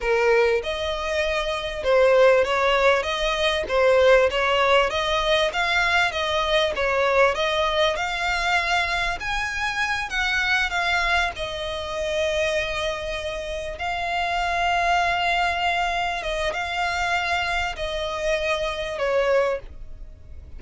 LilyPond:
\new Staff \with { instrumentName = "violin" } { \time 4/4 \tempo 4 = 98 ais'4 dis''2 c''4 | cis''4 dis''4 c''4 cis''4 | dis''4 f''4 dis''4 cis''4 | dis''4 f''2 gis''4~ |
gis''8 fis''4 f''4 dis''4.~ | dis''2~ dis''8 f''4.~ | f''2~ f''8 dis''8 f''4~ | f''4 dis''2 cis''4 | }